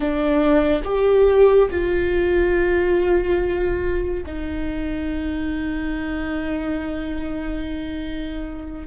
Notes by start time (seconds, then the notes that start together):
0.00 D4
0.84 G4
1.70 F4
4.26 D#4